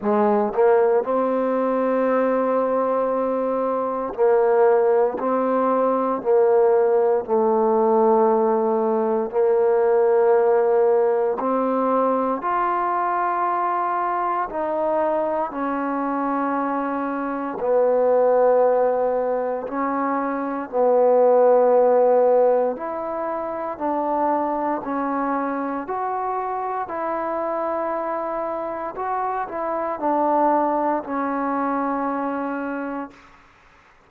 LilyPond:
\new Staff \with { instrumentName = "trombone" } { \time 4/4 \tempo 4 = 58 gis8 ais8 c'2. | ais4 c'4 ais4 a4~ | a4 ais2 c'4 | f'2 dis'4 cis'4~ |
cis'4 b2 cis'4 | b2 e'4 d'4 | cis'4 fis'4 e'2 | fis'8 e'8 d'4 cis'2 | }